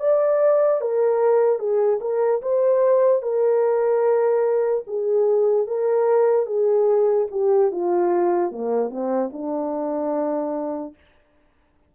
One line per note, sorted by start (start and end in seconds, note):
0.00 0.81 D5
0.81 1.59 A#4
1.59 2.00 G#4
2.01 2.41 A#4
2.42 3.22 C5
3.22 4.85 A#4
4.87 5.67 G#4
5.67 6.46 A#4
6.46 7.28 G#4
7.31 7.72 G4
7.72 8.51 F4
8.51 8.90 A#3
8.90 9.31 C4
9.33 10.95 D4